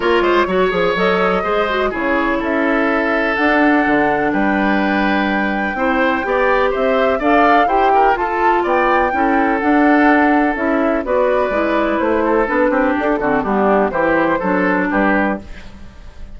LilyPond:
<<
  \new Staff \with { instrumentName = "flute" } { \time 4/4 \tempo 4 = 125 cis''2 dis''2 | cis''4 e''2 fis''4~ | fis''4 g''2.~ | g''2 e''4 f''4 |
g''4 a''4 g''2 | fis''2 e''4 d''4~ | d''4 c''4 b'4 a'4 | g'4 c''2 b'4 | }
  \new Staff \with { instrumentName = "oboe" } { \time 4/4 ais'8 c''8 cis''2 c''4 | gis'4 a'2.~ | a'4 b'2. | c''4 d''4 c''4 d''4 |
c''8 ais'8 a'4 d''4 a'4~ | a'2. b'4~ | b'4. a'4 g'4 fis'8 | d'4 g'4 a'4 g'4 | }
  \new Staff \with { instrumentName = "clarinet" } { \time 4/4 f'4 fis'8 gis'8 a'4 gis'8 fis'8 | e'2. d'4~ | d'1 | e'4 g'2 a'4 |
g'4 f'2 e'4 | d'2 e'4 fis'4 | e'2 d'4. c'8 | b4 e'4 d'2 | }
  \new Staff \with { instrumentName = "bassoon" } { \time 4/4 ais8 gis8 fis8 f8 fis4 gis4 | cis4 cis'2 d'4 | d4 g2. | c'4 b4 c'4 d'4 |
e'4 f'4 b4 cis'4 | d'2 cis'4 b4 | gis4 a4 b8 c'8 d'8 d8 | g4 e4 fis4 g4 | }
>>